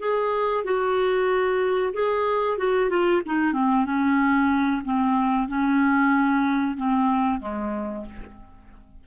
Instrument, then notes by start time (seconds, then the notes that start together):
clarinet
0.00 G#4
0.65 F#4
1.94 G#4
2.58 F#4
2.90 F4
3.26 D#4
3.54 C4
3.86 C#4
4.85 C4
5.49 C#4
6.77 C4
7.41 G#3